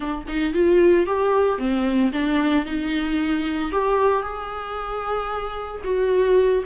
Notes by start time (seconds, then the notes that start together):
0.00 D4
0.28 D#4
0.53 F4
1.06 G4
1.58 C4
2.12 D4
2.65 D#4
3.71 G4
4.22 G#4
5.84 F#4